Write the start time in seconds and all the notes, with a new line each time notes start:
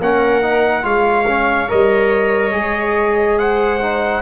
0.00 A#3 C#4 A#4 F#5
0.42 D#4
0.83 G#3 F4 C#5 F5
1.28 C#4
1.69 G3 A#4 D#5
2.52 G#3 G#4
3.39 C5 F#5
3.81 D#4